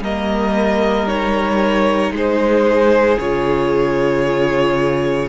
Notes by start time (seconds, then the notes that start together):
0.00 G3 A#3 A#4 D#5
1.07 D#4 C#5
2.11 G#3 G#4 C5
3.18 C#3 F4 C#5